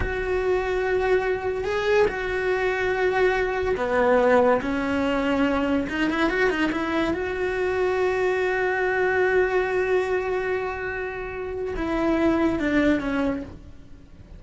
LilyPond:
\new Staff \with { instrumentName = "cello" } { \time 4/4 \tempo 4 = 143 fis'1 | gis'4 fis'2.~ | fis'4 b2 cis'4~ | cis'2 dis'8 e'8 fis'8 dis'8 |
e'4 fis'2.~ | fis'1~ | fis'1 | e'2 d'4 cis'4 | }